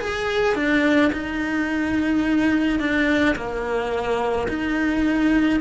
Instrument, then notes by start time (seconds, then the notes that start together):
cello
0.00 G#4
0.55 D4
1.13 D#4
2.80 D4
3.36 A#3
4.49 D#4